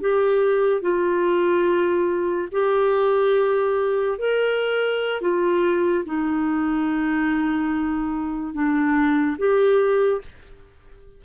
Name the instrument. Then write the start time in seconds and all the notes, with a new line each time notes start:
clarinet
0.00 G4
0.81 F4
2.52 G4
4.18 A#4
5.21 F4
6.05 D#4
8.53 D4
9.37 G4